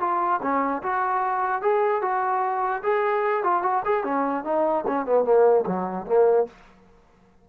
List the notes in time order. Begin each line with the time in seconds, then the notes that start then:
0.00 F4
0.42 C#4
0.83 F#4
1.62 G#4
2.02 F#4
2.83 G#4
3.43 F4
3.63 F#4
3.85 G#4
4.04 C#4
4.44 D#4
4.87 C#4
5.06 B3
5.25 A#3
5.67 F#3
6.06 A#3